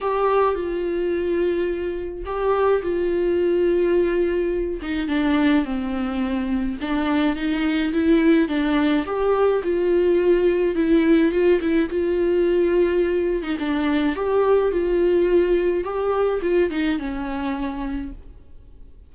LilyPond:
\new Staff \with { instrumentName = "viola" } { \time 4/4 \tempo 4 = 106 g'4 f'2. | g'4 f'2.~ | f'8 dis'8 d'4 c'2 | d'4 dis'4 e'4 d'4 |
g'4 f'2 e'4 | f'8 e'8 f'2~ f'8. dis'16 | d'4 g'4 f'2 | g'4 f'8 dis'8 cis'2 | }